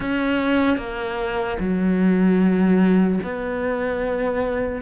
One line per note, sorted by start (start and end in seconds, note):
0.00 0.77 C#4
0.77 1.57 A#3
1.59 3.19 F#3
3.23 4.81 B3